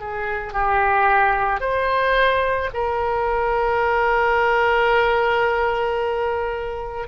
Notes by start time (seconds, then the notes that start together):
0.00 G#4
0.53 G4
1.61 C5
2.74 A#4